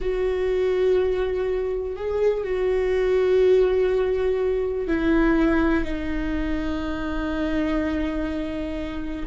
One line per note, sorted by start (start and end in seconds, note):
0.00 1.96 F#4
1.96 2.43 G#4
2.43 4.87 F#4
4.87 5.84 E4
5.84 9.25 D#4